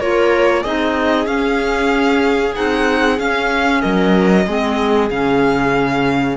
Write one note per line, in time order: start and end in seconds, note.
0.00 0.65 A#3
0.00 0.65 F4
0.00 0.62 A#4
0.00 0.64 C#5
0.62 1.26 C4
0.62 1.26 D#4
0.62 3.81 G#4
0.62 1.27 D#5
1.26 2.53 C#4
1.26 2.54 C#4
1.26 2.55 F5
2.54 3.19 C4
2.54 3.18 D#4
2.54 3.19 F#5
3.18 4.45 C#4
3.18 3.83 C#4
3.18 3.82 F5
3.82 4.47 F#3
3.82 4.45 A#4
3.82 5.09 D#5
4.47 5.10 G#3
4.47 5.10 C4
4.47 6.37 G#4
5.10 6.37 C#3
5.10 6.37 C#4
5.10 6.37 F5